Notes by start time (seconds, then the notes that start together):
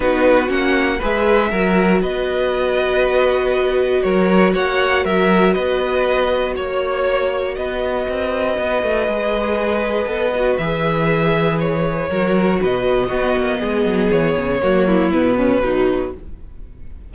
0.00 B3 D#4 F#4 B4
0.47 A#3 C#4 F#5
0.98 G#3 G#4 B4 E5
1.50 F#3 F#4 A#4
2.01 B3 B4 D#5
4.03 F#3 A#4 C#5
4.53 A#3 C#5 F#5
5.03 F#3 A#4 E5
5.53 B3 B4 D#5
6.55 A#3 C#5
7.55 B3 B4 D#5
8.07 C4
8.57 B3
8.82 A3
9.07 G#3 G#4
10.06 B3 A4
10.35 F#4
10.57 E3 G#4 E5
11.59 C#5
12.09 F#3 F#4 A#4
12.61 B2 B4 D#5
13.07 B3 F#4
13.36 A#3
13.59 G#3 G#4
13.85 F#3
14.11 E3 C#5
14.37 C#3
14.61 F#3 A#3 F#4
14.87 E4
15.12 B2 B3 B4
15.37 C#4
15.63 F#3 D#4